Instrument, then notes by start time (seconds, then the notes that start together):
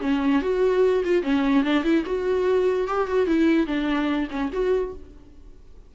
viola
0.00 C#4
0.41 F#4
1.04 F4
1.22 C#4
1.63 D4
1.83 E4
2.05 F#4
2.87 G4
3.07 F#4
3.26 E4
3.66 D4
4.30 C#4
4.52 F#4